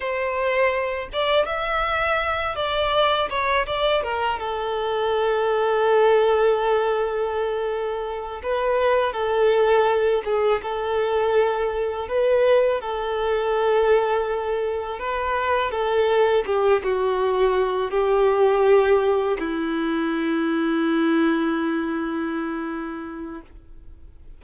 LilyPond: \new Staff \with { instrumentName = "violin" } { \time 4/4 \tempo 4 = 82 c''4. d''8 e''4. d''8~ | d''8 cis''8 d''8 ais'8 a'2~ | a'2.~ a'8 b'8~ | b'8 a'4. gis'8 a'4.~ |
a'8 b'4 a'2~ a'8~ | a'8 b'4 a'4 g'8 fis'4~ | fis'8 g'2 e'4.~ | e'1 | }